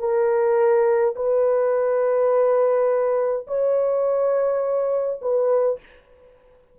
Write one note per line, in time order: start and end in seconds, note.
0.00 1.15 A#4
1.16 3.47 B4
3.48 5.21 C#5
5.22 5.80 B4